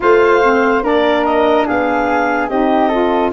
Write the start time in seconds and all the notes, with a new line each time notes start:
0.00 A3 F4 C5 F5
0.43 C4
0.82 A#3 D4 A#4 D5
1.24 D#5
1.66 B3 G#4 F5
2.48 C4 D#4 G4 D#5
2.88 F4 A4